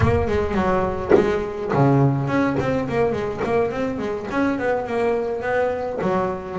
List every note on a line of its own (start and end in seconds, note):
0.00 0.27 A#3
0.27 0.54 G#3
0.54 1.11 F#3
1.14 1.71 G#3
1.73 2.27 C#3
2.27 2.56 C#4
2.59 2.88 C4
2.88 3.12 A#3
3.12 3.41 G#3
3.43 3.71 A#3
3.71 3.98 C4
3.98 4.26 G#3
4.30 4.58 C#4
4.58 4.86 B3
4.86 5.41 A#3
5.41 5.98 B3
6.01 6.58 F#3